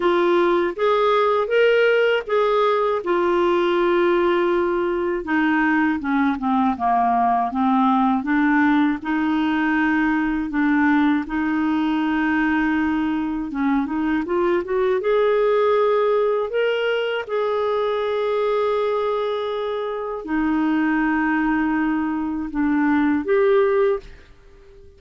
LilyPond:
\new Staff \with { instrumentName = "clarinet" } { \time 4/4 \tempo 4 = 80 f'4 gis'4 ais'4 gis'4 | f'2. dis'4 | cis'8 c'8 ais4 c'4 d'4 | dis'2 d'4 dis'4~ |
dis'2 cis'8 dis'8 f'8 fis'8 | gis'2 ais'4 gis'4~ | gis'2. dis'4~ | dis'2 d'4 g'4 | }